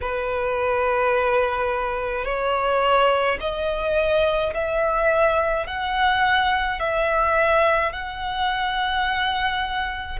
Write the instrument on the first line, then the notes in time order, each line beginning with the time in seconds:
violin
0.01 B4
2.24 C#5
3.40 D#5
4.54 E5
5.66 F#5
6.79 E5
7.92 F#5